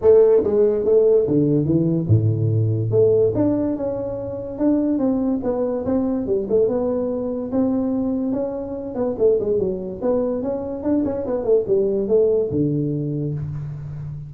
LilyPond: \new Staff \with { instrumentName = "tuba" } { \time 4/4 \tempo 4 = 144 a4 gis4 a4 d4 | e4 a,2 a4 | d'4 cis'2 d'4 | c'4 b4 c'4 g8 a8 |
b2 c'2 | cis'4. b8 a8 gis8 fis4 | b4 cis'4 d'8 cis'8 b8 a8 | g4 a4 d2 | }